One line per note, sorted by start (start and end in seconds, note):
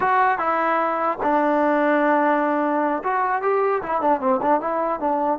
0.00 0.38 F#4
0.38 1.18 E4
1.22 3.02 D4
3.03 3.41 F#4
3.41 3.81 G4
3.82 4.01 E4
4.01 4.20 D4
4.20 4.40 C4
4.41 4.60 D4
4.60 4.99 E4
4.99 5.39 D4